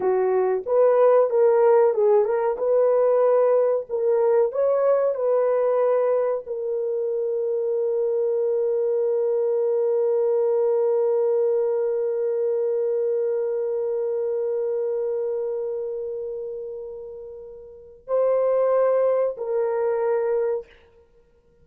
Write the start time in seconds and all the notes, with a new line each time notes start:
0.00 F#4
0.66 B4
1.30 A#4
1.94 G#4
2.24 A#4
2.57 B4
3.89 A#4
4.52 C#5
5.14 B4
6.46 A#4
18.07 C5
19.37 A#4